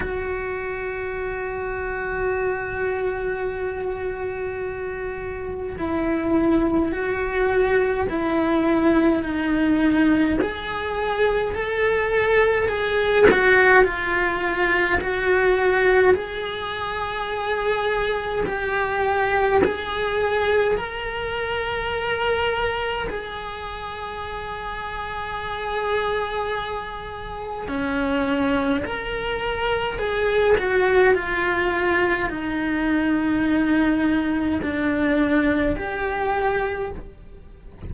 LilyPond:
\new Staff \with { instrumentName = "cello" } { \time 4/4 \tempo 4 = 52 fis'1~ | fis'4 e'4 fis'4 e'4 | dis'4 gis'4 a'4 gis'8 fis'8 | f'4 fis'4 gis'2 |
g'4 gis'4 ais'2 | gis'1 | cis'4 ais'4 gis'8 fis'8 f'4 | dis'2 d'4 g'4 | }